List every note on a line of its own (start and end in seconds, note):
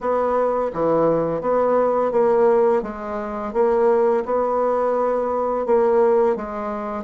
0.01 0.71 B3
0.73 1.41 E3
1.41 2.11 B3
2.11 2.82 A#3
2.82 3.53 G#3
3.53 4.24 A#3
4.25 5.66 B3
5.66 6.35 A#3
6.35 7.04 G#3